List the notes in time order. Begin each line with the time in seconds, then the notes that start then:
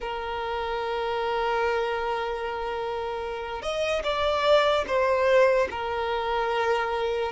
0.00 A#4
3.62 D#5
4.03 D5
4.86 C5
5.71 A#4